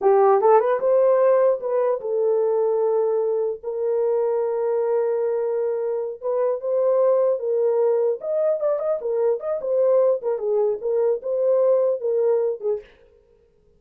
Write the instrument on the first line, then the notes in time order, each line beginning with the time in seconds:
horn
0.01 G4
0.41 A4
0.59 B4
0.80 C5
1.60 B4
2.00 A4
3.63 A#4
6.21 B4
6.61 C5
7.39 A#4
8.21 D#5
8.60 D5
8.79 D#5
9.01 A#4
9.39 D#5
9.61 C5
10.22 A#4
10.38 G#4
10.81 A#4
11.22 C5
12.00 A#4
12.60 G#4